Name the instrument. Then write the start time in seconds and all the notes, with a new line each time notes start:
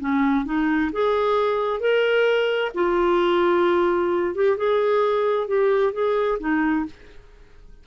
clarinet
0.00 C#4
0.45 D#4
0.92 G#4
1.80 A#4
2.74 F4
4.35 G4
4.57 G#4
5.47 G4
5.93 G#4
6.40 D#4